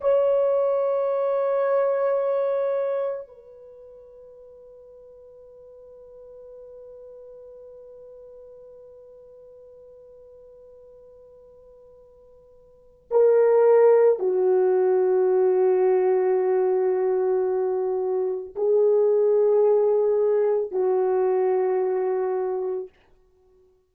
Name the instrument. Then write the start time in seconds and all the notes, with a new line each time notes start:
horn
0.00 C#5
3.27 B4
13.11 A#4
14.19 F#4
18.55 G#4
20.71 F#4